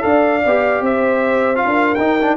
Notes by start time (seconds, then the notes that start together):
0.00 D4 A4 D5 F5
0.45 B3 G4
0.80 C4 C5 E5
1.55 F4 F5
1.65 D4 A#4
1.95 D#4 G5
2.21 D4